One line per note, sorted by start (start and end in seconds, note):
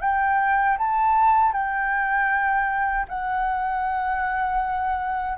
0.00 0.77 G5
0.78 1.52 A5
1.52 3.06 G5
3.08 5.37 F#5